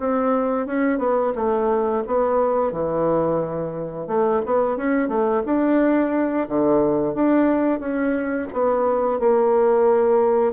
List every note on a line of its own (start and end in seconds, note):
0.00 0.67 C4
0.67 0.99 C#4
0.99 1.33 B3
1.35 2.04 A3
2.07 2.72 B3
2.72 4.08 E3
4.08 4.42 A3
4.46 4.77 B3
4.77 5.09 C#4
5.09 5.43 A3
5.46 6.48 D4
6.49 7.15 D3
7.15 7.80 D4
7.80 8.48 C#4
8.53 9.20 B3
9.20 10.53 A#3